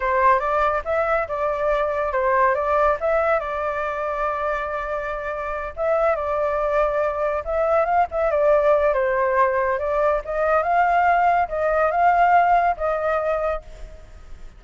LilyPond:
\new Staff \with { instrumentName = "flute" } { \time 4/4 \tempo 4 = 141 c''4 d''4 e''4 d''4~ | d''4 c''4 d''4 e''4 | d''1~ | d''4. e''4 d''4.~ |
d''4. e''4 f''8 e''8 d''8~ | d''4 c''2 d''4 | dis''4 f''2 dis''4 | f''2 dis''2 | }